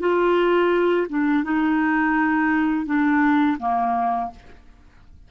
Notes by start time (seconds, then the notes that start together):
0.00 F4
1.09 D4
1.44 D#4
2.86 D4
3.59 A#3